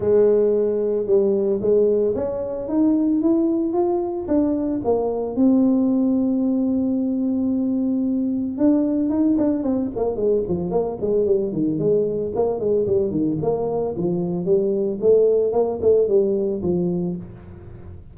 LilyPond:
\new Staff \with { instrumentName = "tuba" } { \time 4/4 \tempo 4 = 112 gis2 g4 gis4 | cis'4 dis'4 e'4 f'4 | d'4 ais4 c'2~ | c'1 |
d'4 dis'8 d'8 c'8 ais8 gis8 f8 | ais8 gis8 g8 dis8 gis4 ais8 gis8 | g8 dis8 ais4 f4 g4 | a4 ais8 a8 g4 f4 | }